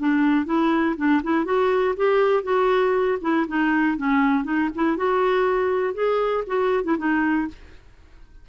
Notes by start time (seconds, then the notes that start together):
0.00 D4
0.46 E4
0.97 D4
1.23 E4
1.45 F#4
1.97 G4
2.43 F#4
3.22 E4
3.48 D#4
3.97 C#4
4.44 D#4
4.75 E4
4.97 F#4
5.94 G#4
6.47 F#4
6.84 E4
6.98 D#4